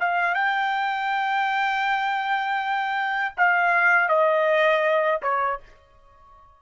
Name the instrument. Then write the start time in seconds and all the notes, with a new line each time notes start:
trumpet
0.00 F5
0.35 G5
3.37 F5
4.08 D#5
5.22 C#5